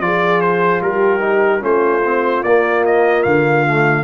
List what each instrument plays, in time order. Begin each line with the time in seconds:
0.00 tuba F3, trombone F4, horn G#4, trumpet D5
0.41 trumpet C5
0.81 tuba G3, horn G4, trumpet A#4
1.20 trombone D#4
1.60 tuba A3, trombone C#4, horn F4, trumpet C5
2.04 trombone C4
2.43 tuba A#3, trombone A#3, trumpet D5
2.85 trumpet D#5
3.23 tuba D3, trumpet F5
3.67 trombone A3